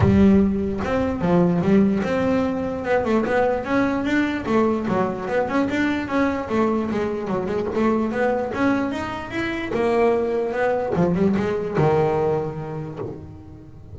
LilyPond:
\new Staff \with { instrumentName = "double bass" } { \time 4/4 \tempo 4 = 148 g2 c'4 f4 | g4 c'2 b8 a8 | b4 cis'4 d'4 a4 | fis4 b8 cis'8 d'4 cis'4 |
a4 gis4 fis8 gis8 a4 | b4 cis'4 dis'4 e'4 | ais2 b4 f8 g8 | gis4 dis2. | }